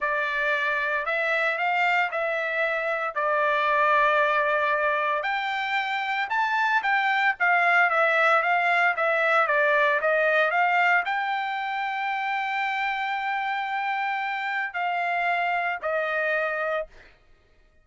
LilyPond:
\new Staff \with { instrumentName = "trumpet" } { \time 4/4 \tempo 4 = 114 d''2 e''4 f''4 | e''2 d''2~ | d''2 g''2 | a''4 g''4 f''4 e''4 |
f''4 e''4 d''4 dis''4 | f''4 g''2.~ | g''1 | f''2 dis''2 | }